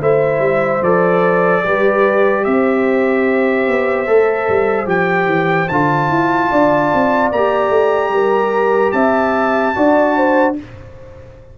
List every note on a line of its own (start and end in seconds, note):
0.00 0.39 A3
0.00 0.81 E4
0.00 1.64 C5
0.00 0.83 E5
0.39 0.79 G3
0.81 1.62 F3
0.81 1.64 A4
0.81 2.44 D5
1.64 2.46 G3
1.64 4.06 G4
1.64 2.45 B4
2.44 3.67 C4
2.44 6.50 C5
2.44 4.87 E5
3.67 4.07 B3
4.06 4.48 A3
4.06 4.85 A4
4.48 4.85 G3
4.85 5.26 F3
4.85 5.66 G4
4.85 5.68 G5
5.26 5.66 E3
5.68 6.09 D3
5.68 7.33 F4
5.68 7.30 A5
6.09 6.49 E4
6.50 6.92 D4
6.50 8.12 D5
6.93 7.31 C4
7.31 7.69 A#3
7.31 9.74 G4
7.31 8.91 A#5
7.69 8.09 A3
8.09 8.91 G3
8.09 8.94 A#4
8.91 9.74 C4
8.91 9.75 E5
8.91 10.54 A5
9.74 10.57 D4
9.74 10.56 F#4
9.74 10.16 D5
10.16 10.57 C5